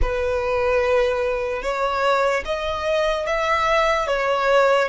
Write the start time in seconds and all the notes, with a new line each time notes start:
0.01 B4
1.62 C#5
2.45 D#5
3.26 E5
4.07 C#5